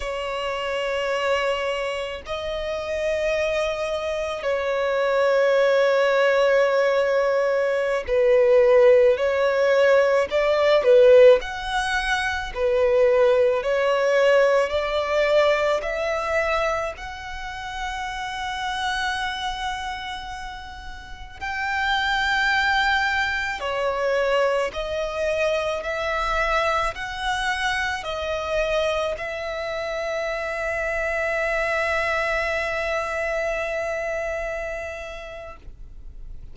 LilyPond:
\new Staff \with { instrumentName = "violin" } { \time 4/4 \tempo 4 = 54 cis''2 dis''2 | cis''2.~ cis''16 b'8.~ | b'16 cis''4 d''8 b'8 fis''4 b'8.~ | b'16 cis''4 d''4 e''4 fis''8.~ |
fis''2.~ fis''16 g''8.~ | g''4~ g''16 cis''4 dis''4 e''8.~ | e''16 fis''4 dis''4 e''4.~ e''16~ | e''1 | }